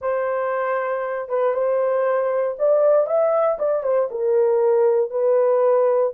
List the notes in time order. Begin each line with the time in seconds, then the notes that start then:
0.01 C5
1.28 B4
1.53 C5
2.58 D5
3.06 E5
3.59 D5
3.83 C5
4.10 A#4
5.10 B4